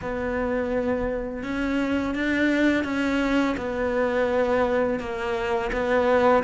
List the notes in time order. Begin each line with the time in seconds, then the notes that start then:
0.01 B3
1.43 C#4
2.14 D4
2.84 C#4
3.57 B3
4.99 A#3
5.72 B3